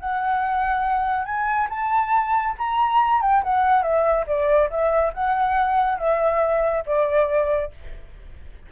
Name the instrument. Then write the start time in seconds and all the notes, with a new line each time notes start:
flute
0.00 F#5
1.25 G#5
1.70 A5
2.58 A#5
3.22 G5
3.44 F#5
3.83 E5
4.27 D5
4.70 E5
5.14 F#5
5.99 E5
6.86 D5